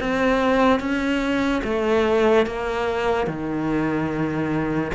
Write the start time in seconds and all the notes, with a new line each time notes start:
0.00 C4
0.80 C#4
1.64 A3
2.46 A#3
3.27 D#3